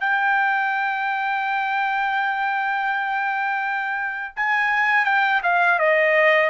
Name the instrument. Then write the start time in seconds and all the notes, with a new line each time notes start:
trumpet
0.00 G5
4.36 G#5
5.05 G5
5.43 F5
5.79 D#5